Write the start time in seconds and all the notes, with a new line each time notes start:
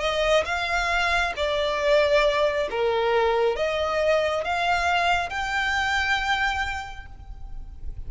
0.00 D#5
0.45 F5
1.36 D5
2.70 A#4
3.56 D#5
4.44 F5
5.29 G5